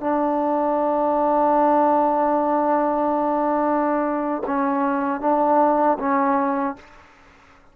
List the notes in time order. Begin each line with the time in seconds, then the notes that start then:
0.00 D4
4.46 C#4
5.21 D4
5.99 C#4